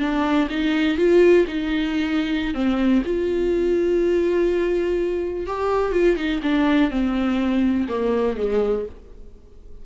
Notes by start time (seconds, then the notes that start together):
0.00 D4
0.50 D#4
0.98 F4
1.48 D#4
2.54 C4
3.05 F4
5.47 G4
5.93 F4
6.17 D#4
6.43 D4
6.91 C4
7.89 A#3
8.38 G#3